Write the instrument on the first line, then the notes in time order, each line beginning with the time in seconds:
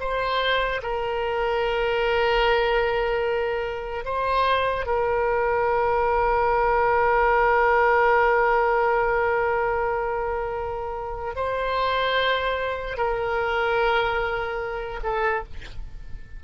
oboe
0.00 C5
0.83 A#4
4.05 C5
4.86 A#4
11.36 C5
12.97 A#4
15.03 A4